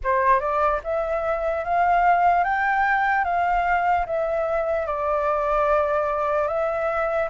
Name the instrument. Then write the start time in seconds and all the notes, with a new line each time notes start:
flute
0.03 C5
0.39 D5
0.83 E5
1.64 F5
2.43 G5
3.24 F5
4.05 E5
4.86 D5
6.47 E5